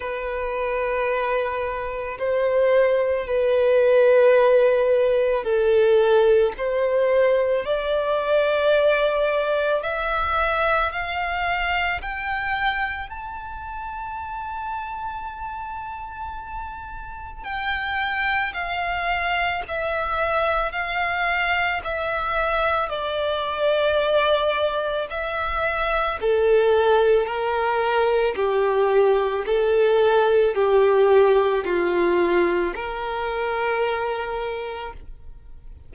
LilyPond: \new Staff \with { instrumentName = "violin" } { \time 4/4 \tempo 4 = 55 b'2 c''4 b'4~ | b'4 a'4 c''4 d''4~ | d''4 e''4 f''4 g''4 | a''1 |
g''4 f''4 e''4 f''4 | e''4 d''2 e''4 | a'4 ais'4 g'4 a'4 | g'4 f'4 ais'2 | }